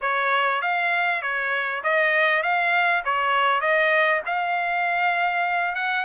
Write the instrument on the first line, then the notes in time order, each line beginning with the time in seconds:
trumpet
0.01 C#5
0.61 F5
1.21 C#5
1.83 D#5
2.42 F5
3.04 C#5
3.60 D#5
4.26 F5
5.75 F#5